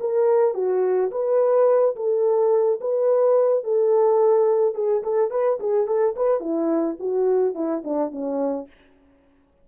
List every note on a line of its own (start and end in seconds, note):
0.00 0.54 A#4
0.54 1.10 F#4
1.11 1.95 B4
1.96 2.80 A4
2.81 3.63 B4
3.63 4.74 A4
4.74 5.02 G#4
5.03 5.30 A4
5.30 5.58 B4
5.60 5.87 G#4
5.87 6.15 A4
6.16 6.40 B4
6.40 6.96 E4
6.99 7.54 F#4
7.54 7.82 E4
7.84 8.11 D4
8.11 8.67 C#4